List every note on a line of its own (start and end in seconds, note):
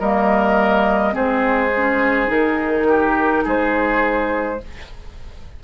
0.00 1.15 G3
0.00 1.12 A#3
0.00 1.14 A#4
0.00 1.15 D#5
1.12 2.29 G#3
1.12 1.69 C4
1.12 2.87 G#4
1.12 2.31 C5
1.76 2.27 C#4
2.27 3.44 D#3
2.27 4.58 D#4
2.27 3.47 A#4
2.88 3.44 G4
3.44 4.62 G#3
3.44 4.60 G#4
3.44 4.64 C5